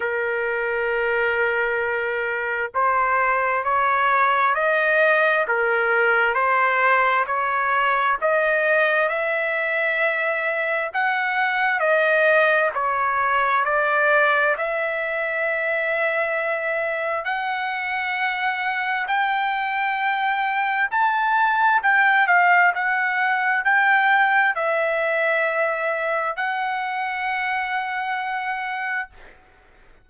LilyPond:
\new Staff \with { instrumentName = "trumpet" } { \time 4/4 \tempo 4 = 66 ais'2. c''4 | cis''4 dis''4 ais'4 c''4 | cis''4 dis''4 e''2 | fis''4 dis''4 cis''4 d''4 |
e''2. fis''4~ | fis''4 g''2 a''4 | g''8 f''8 fis''4 g''4 e''4~ | e''4 fis''2. | }